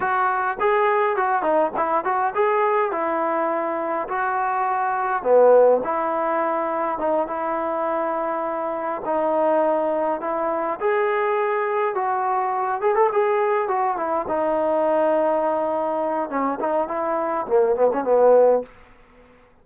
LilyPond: \new Staff \with { instrumentName = "trombone" } { \time 4/4 \tempo 4 = 103 fis'4 gis'4 fis'8 dis'8 e'8 fis'8 | gis'4 e'2 fis'4~ | fis'4 b4 e'2 | dis'8 e'2. dis'8~ |
dis'4. e'4 gis'4.~ | gis'8 fis'4. gis'16 a'16 gis'4 fis'8 | e'8 dis'2.~ dis'8 | cis'8 dis'8 e'4 ais8 b16 cis'16 b4 | }